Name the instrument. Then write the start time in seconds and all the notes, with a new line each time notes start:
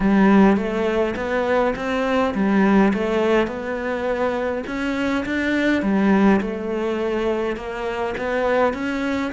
cello
0.00 G3
0.56 A3
1.16 B3
1.75 C4
2.34 G3
2.93 A3
3.47 B3
4.66 C#4
5.25 D4
5.82 G3
6.40 A3
7.56 A#3
8.17 B3
8.73 C#4